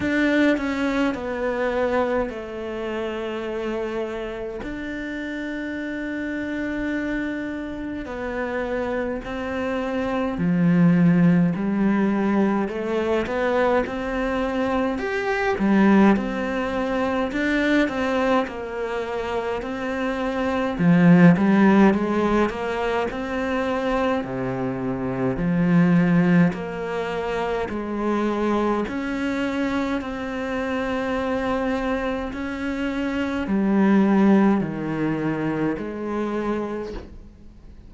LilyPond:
\new Staff \with { instrumentName = "cello" } { \time 4/4 \tempo 4 = 52 d'8 cis'8 b4 a2 | d'2. b4 | c'4 f4 g4 a8 b8 | c'4 g'8 g8 c'4 d'8 c'8 |
ais4 c'4 f8 g8 gis8 ais8 | c'4 c4 f4 ais4 | gis4 cis'4 c'2 | cis'4 g4 dis4 gis4 | }